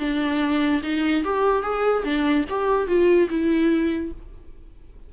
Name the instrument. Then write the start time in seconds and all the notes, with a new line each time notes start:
viola
0.00 D4
0.83 D#4
1.24 G4
1.63 G#4
2.04 D4
2.50 G4
2.88 F4
3.30 E4